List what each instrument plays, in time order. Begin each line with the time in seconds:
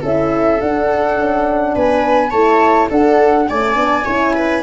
0.00 tuba C#4, horn E4, viola A4, flute E5
0.61 horn D4, tuba D4, flute F#5
1.17 tuba C#4
1.75 tuba B3, viola B4, flute G#5
2.30 tuba A3, horn E4, viola C#5, flute A5
2.89 horn D4, tuba D4, viola A4, flute F#5
3.48 horn A3, tuba C#4, viola D5, flute G#5
3.75 tuba B3, horn D4
4.05 tuba C#4, horn E4, viola C#5
4.35 viola B4